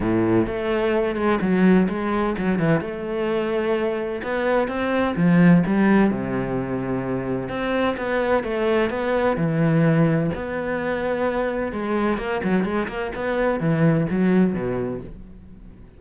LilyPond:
\new Staff \with { instrumentName = "cello" } { \time 4/4 \tempo 4 = 128 a,4 a4. gis8 fis4 | gis4 fis8 e8 a2~ | a4 b4 c'4 f4 | g4 c2. |
c'4 b4 a4 b4 | e2 b2~ | b4 gis4 ais8 fis8 gis8 ais8 | b4 e4 fis4 b,4 | }